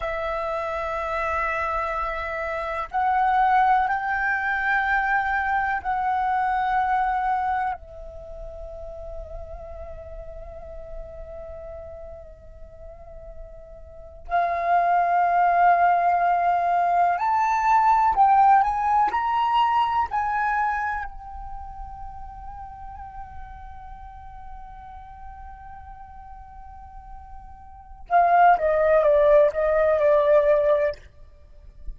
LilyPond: \new Staff \with { instrumentName = "flute" } { \time 4/4 \tempo 4 = 62 e''2. fis''4 | g''2 fis''2 | e''1~ | e''2~ e''8. f''4~ f''16~ |
f''4.~ f''16 a''4 g''8 gis''8 ais''16~ | ais''8. gis''4 g''2~ g''16~ | g''1~ | g''4 f''8 dis''8 d''8 dis''8 d''4 | }